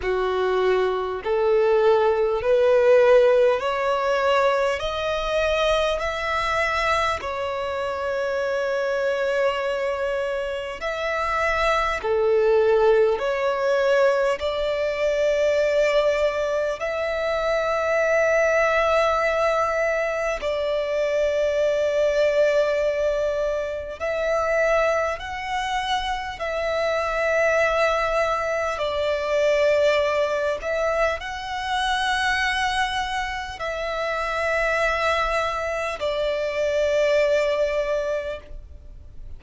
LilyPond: \new Staff \with { instrumentName = "violin" } { \time 4/4 \tempo 4 = 50 fis'4 a'4 b'4 cis''4 | dis''4 e''4 cis''2~ | cis''4 e''4 a'4 cis''4 | d''2 e''2~ |
e''4 d''2. | e''4 fis''4 e''2 | d''4. e''8 fis''2 | e''2 d''2 | }